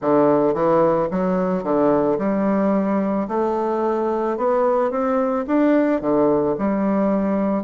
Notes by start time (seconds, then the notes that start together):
0.01 D3
0.54 E3
1.11 F#3
1.63 D3
2.18 G3
3.28 A3
4.37 B3
4.90 C4
5.47 D4
6.00 D3
6.58 G3